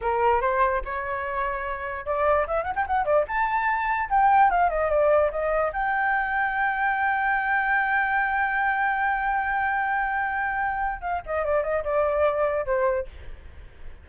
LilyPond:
\new Staff \with { instrumentName = "flute" } { \time 4/4 \tempo 4 = 147 ais'4 c''4 cis''2~ | cis''4 d''4 e''8 fis''16 g''16 fis''8 d''8 | a''2 g''4 f''8 dis''8 | d''4 dis''4 g''2~ |
g''1~ | g''1~ | g''2. f''8 dis''8 | d''8 dis''8 d''2 c''4 | }